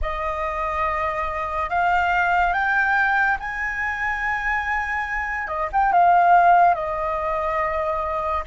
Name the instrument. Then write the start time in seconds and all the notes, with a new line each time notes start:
flute
0.01 D#5
1.69 F5
2.53 G5
3.39 G#5
5.47 D#5
5.72 G5
5.92 F5
6.74 D#5